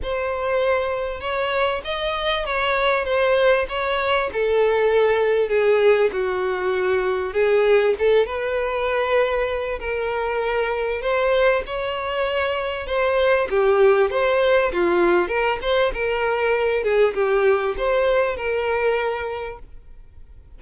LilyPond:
\new Staff \with { instrumentName = "violin" } { \time 4/4 \tempo 4 = 98 c''2 cis''4 dis''4 | cis''4 c''4 cis''4 a'4~ | a'4 gis'4 fis'2 | gis'4 a'8 b'2~ b'8 |
ais'2 c''4 cis''4~ | cis''4 c''4 g'4 c''4 | f'4 ais'8 c''8 ais'4. gis'8 | g'4 c''4 ais'2 | }